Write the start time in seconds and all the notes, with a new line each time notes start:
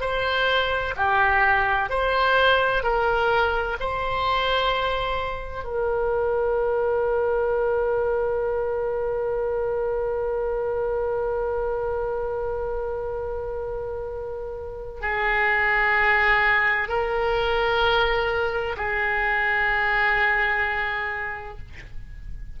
0.00 C5
0.96 G4
1.89 C5
2.83 A#4
3.79 C5
5.64 A#4
15.01 G#4
16.88 A#4
18.77 G#4